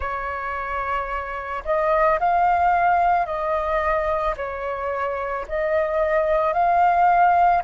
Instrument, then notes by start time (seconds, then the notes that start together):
flute
0.00 C#5
1.64 D#5
2.19 F5
3.25 D#5
4.36 C#5
5.47 D#5
6.53 F5